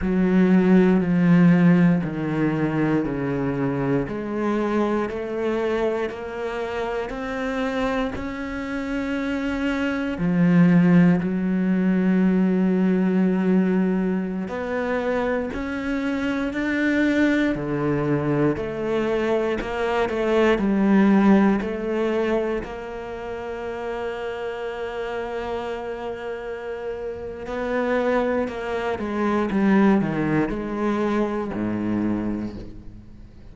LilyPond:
\new Staff \with { instrumentName = "cello" } { \time 4/4 \tempo 4 = 59 fis4 f4 dis4 cis4 | gis4 a4 ais4 c'4 | cis'2 f4 fis4~ | fis2~ fis16 b4 cis'8.~ |
cis'16 d'4 d4 a4 ais8 a16~ | a16 g4 a4 ais4.~ ais16~ | ais2. b4 | ais8 gis8 g8 dis8 gis4 gis,4 | }